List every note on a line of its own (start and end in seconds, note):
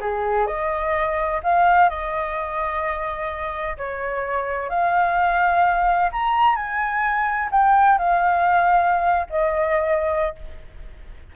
0.00 0.46 G#4
0.46 1.40 D#5
1.43 1.89 F5
1.89 3.77 D#5
3.77 4.69 C#5
4.69 6.10 F5
6.12 6.56 A#5
6.56 7.49 G#5
7.51 7.98 G5
7.98 9.27 F5
9.30 10.35 D#5